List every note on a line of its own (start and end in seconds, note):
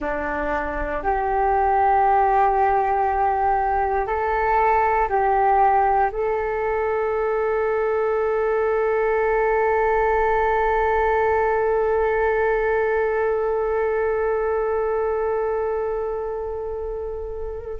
0.00 1.02 D4
1.02 4.06 G4
4.06 5.08 A4
5.08 6.10 G4
6.11 17.80 A4